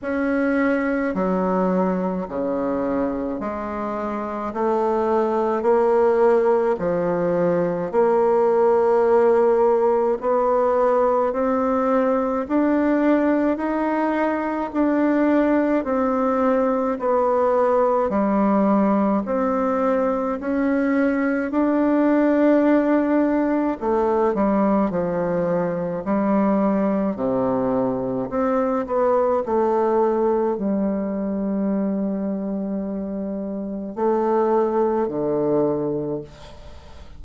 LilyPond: \new Staff \with { instrumentName = "bassoon" } { \time 4/4 \tempo 4 = 53 cis'4 fis4 cis4 gis4 | a4 ais4 f4 ais4~ | ais4 b4 c'4 d'4 | dis'4 d'4 c'4 b4 |
g4 c'4 cis'4 d'4~ | d'4 a8 g8 f4 g4 | c4 c'8 b8 a4 g4~ | g2 a4 d4 | }